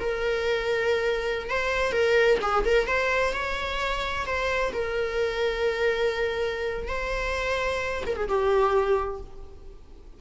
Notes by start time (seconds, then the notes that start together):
0.00 A#4
1.50 C5
1.93 A#4
2.42 G#4
2.66 A#4
2.88 C5
3.34 C#5
4.27 C5
4.73 A#4
6.89 C5
8.07 A#4
8.17 G#4
8.29 G4